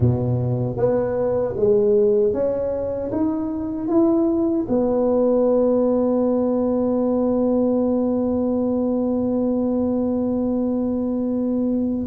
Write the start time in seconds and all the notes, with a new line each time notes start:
0.00 B2
0.77 B3
1.56 G#3
2.33 C#4
3.11 D#4
3.87 E4
4.68 B3